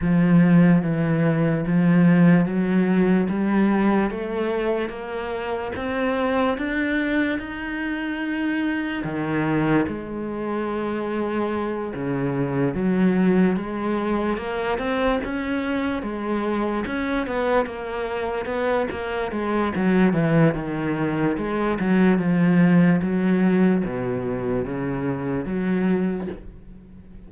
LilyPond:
\new Staff \with { instrumentName = "cello" } { \time 4/4 \tempo 4 = 73 f4 e4 f4 fis4 | g4 a4 ais4 c'4 | d'4 dis'2 dis4 | gis2~ gis8 cis4 fis8~ |
fis8 gis4 ais8 c'8 cis'4 gis8~ | gis8 cis'8 b8 ais4 b8 ais8 gis8 | fis8 e8 dis4 gis8 fis8 f4 | fis4 b,4 cis4 fis4 | }